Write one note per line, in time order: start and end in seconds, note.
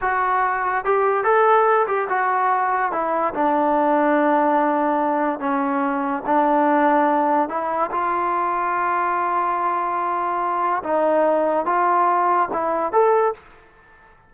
0.01 0.84 F#4
0.84 1.23 G4
1.23 1.86 A4
1.87 2.08 G4
2.09 2.92 F#4
2.92 3.33 E4
3.34 5.39 D4
5.39 6.23 C#4
6.26 7.48 D4
7.48 7.90 E4
7.91 10.82 F4
10.83 11.65 D#4
11.65 12.48 F4
12.52 12.92 E4
12.92 13.34 A4